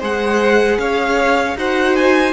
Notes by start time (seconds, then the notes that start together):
0.00 G#3 G#4 C5 F#5
0.78 C#4 C#5 F5
1.56 D#4 F#4 C5 F#5
1.96 G#5